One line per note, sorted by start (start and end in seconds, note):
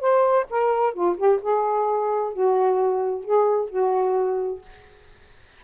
0.00 0.46 C5
0.50 0.94 A#4
0.94 1.17 F4
1.17 1.40 G4
1.42 2.33 G#4
2.33 3.24 F#4
3.24 3.70 G#4
3.70 4.62 F#4